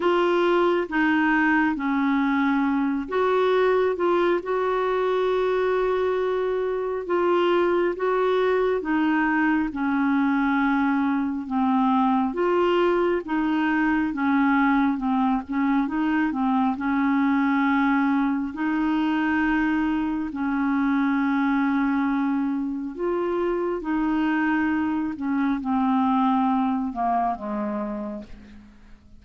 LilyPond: \new Staff \with { instrumentName = "clarinet" } { \time 4/4 \tempo 4 = 68 f'4 dis'4 cis'4. fis'8~ | fis'8 f'8 fis'2. | f'4 fis'4 dis'4 cis'4~ | cis'4 c'4 f'4 dis'4 |
cis'4 c'8 cis'8 dis'8 c'8 cis'4~ | cis'4 dis'2 cis'4~ | cis'2 f'4 dis'4~ | dis'8 cis'8 c'4. ais8 gis4 | }